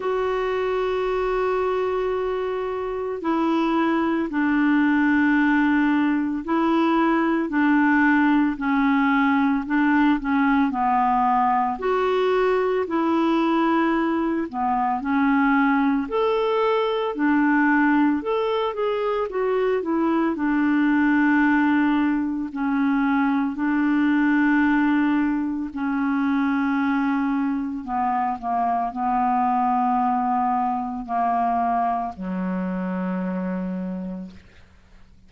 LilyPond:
\new Staff \with { instrumentName = "clarinet" } { \time 4/4 \tempo 4 = 56 fis'2. e'4 | d'2 e'4 d'4 | cis'4 d'8 cis'8 b4 fis'4 | e'4. b8 cis'4 a'4 |
d'4 a'8 gis'8 fis'8 e'8 d'4~ | d'4 cis'4 d'2 | cis'2 b8 ais8 b4~ | b4 ais4 fis2 | }